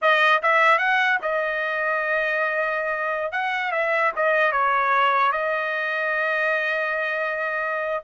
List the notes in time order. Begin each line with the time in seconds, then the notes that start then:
0.01 D#5
0.42 E5
0.78 F#5
1.22 D#5
3.32 F#5
3.71 E5
4.16 D#5
4.52 C#5
5.32 D#5